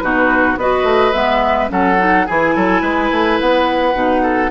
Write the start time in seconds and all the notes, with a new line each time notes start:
0.00 B2 D#4 F#4 B4
0.57 B3 F#4 B4 D#5
0.84 A3
1.13 G#3 B3 E5
1.69 F#3 C#4 A4 F#5
1.98 D#4
2.27 E3 E4 G#4 G#5
2.56 F#3 A4
2.82 G#3 B4
3.12 A3
3.41 B3 F#5
3.94 B2 D#4
4.23 A4